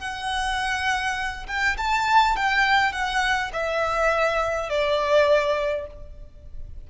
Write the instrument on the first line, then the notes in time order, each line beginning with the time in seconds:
violin
0.00 F#5
1.48 G5
1.78 A5
2.37 G5
2.93 F#5
3.54 E5
4.70 D5